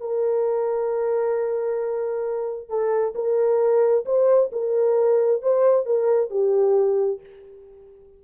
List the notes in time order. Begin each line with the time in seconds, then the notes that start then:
0.00 A#4
2.69 A4
3.15 A#4
4.05 C5
4.52 A#4
5.42 C5
5.86 A#4
6.30 G4